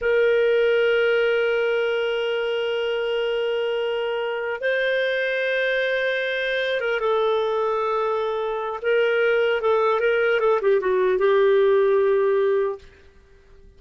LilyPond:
\new Staff \with { instrumentName = "clarinet" } { \time 4/4 \tempo 4 = 150 ais'1~ | ais'1~ | ais'2.~ ais'8 c''8~ | c''1~ |
c''4 ais'8 a'2~ a'8~ | a'2 ais'2 | a'4 ais'4 a'8 g'8 fis'4 | g'1 | }